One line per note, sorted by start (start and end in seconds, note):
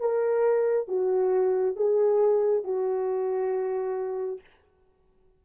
0.00 0.88 A#4
0.88 1.76 F#4
1.76 2.64 G#4
2.64 4.40 F#4